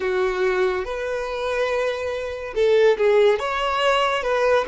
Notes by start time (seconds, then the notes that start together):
0.00 F#4
0.85 B4
2.55 A4
2.97 G#4
3.39 C#5
4.23 B4